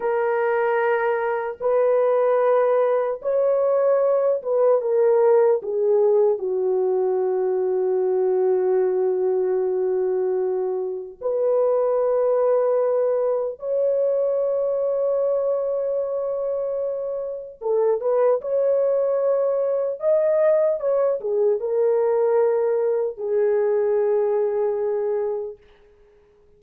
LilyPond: \new Staff \with { instrumentName = "horn" } { \time 4/4 \tempo 4 = 75 ais'2 b'2 | cis''4. b'8 ais'4 gis'4 | fis'1~ | fis'2 b'2~ |
b'4 cis''2.~ | cis''2 a'8 b'8 cis''4~ | cis''4 dis''4 cis''8 gis'8 ais'4~ | ais'4 gis'2. | }